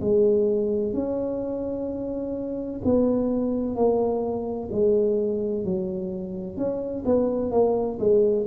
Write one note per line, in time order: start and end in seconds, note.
0.00 0.93 G#3
0.93 2.80 C#4
2.84 3.75 B3
3.75 4.69 A#3
4.71 5.64 G#3
5.64 6.56 F#3
6.56 7.03 C#4
7.05 7.51 B3
7.51 7.98 A#3
7.99 8.45 G#3